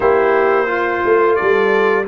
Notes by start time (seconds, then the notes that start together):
0.00 A#3 E4 G4 C5
0.67 F4
1.05 A3
1.35 G3 A4 D5